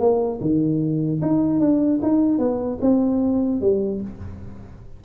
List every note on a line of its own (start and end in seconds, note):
0.00 0.40 A#3
0.41 1.21 D#3
1.22 1.60 D#4
1.60 2.00 D4
2.03 2.39 D#4
2.39 2.79 B3
2.82 3.62 C4
3.62 4.02 G3